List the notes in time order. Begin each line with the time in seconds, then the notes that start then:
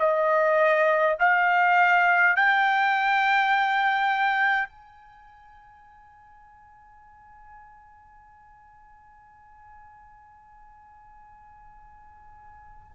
0.00 D#5
1.20 F5
2.36 G5
4.68 G#5